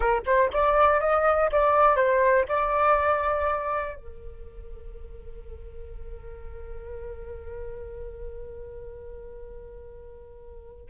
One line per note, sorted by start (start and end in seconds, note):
0.00 0.22 A#4
0.26 0.50 C5
0.53 1.00 D5
1.00 1.50 D#5
1.51 1.96 D5
1.96 2.45 C5
2.48 3.96 D5
3.96 10.89 A#4